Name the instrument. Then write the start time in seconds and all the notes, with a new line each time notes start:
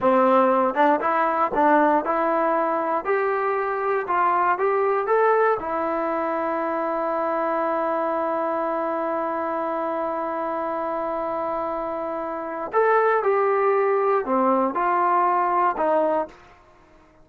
trombone
0.00 C4
0.74 D4
1.00 E4
1.54 D4
2.04 E4
3.04 G4
4.07 F4
4.58 G4
5.07 A4
5.59 E4
12.72 A4
13.23 G4
14.25 C4
14.74 F4
15.77 D#4